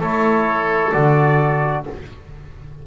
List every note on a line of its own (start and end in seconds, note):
0.00 0.93 A3
0.00 0.93 E4
0.00 1.85 A4
0.00 0.92 C#5
0.92 1.87 D3
0.92 1.85 F#4
0.92 1.85 D5